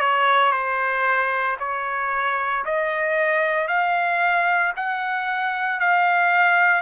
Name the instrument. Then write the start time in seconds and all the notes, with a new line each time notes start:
trumpet
0.00 C#5
0.52 C5
1.59 C#5
2.65 D#5
3.68 F5
4.76 F#5
5.80 F5